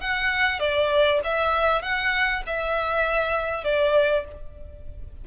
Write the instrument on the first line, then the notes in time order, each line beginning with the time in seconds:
violin
0.00 F#5
0.59 D5
1.24 E5
1.82 F#5
2.46 E5
3.64 D5